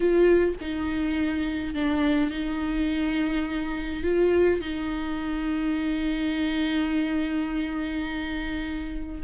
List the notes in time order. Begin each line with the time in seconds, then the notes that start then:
0.00 F4
0.60 D#4
1.74 D4
2.30 D#4
4.03 F4
4.60 D#4